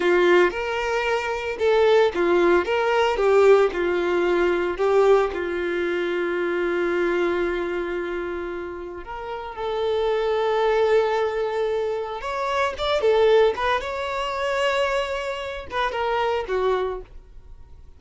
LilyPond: \new Staff \with { instrumentName = "violin" } { \time 4/4 \tempo 4 = 113 f'4 ais'2 a'4 | f'4 ais'4 g'4 f'4~ | f'4 g'4 f'2~ | f'1~ |
f'4 ais'4 a'2~ | a'2. cis''4 | d''8 a'4 b'8 cis''2~ | cis''4. b'8 ais'4 fis'4 | }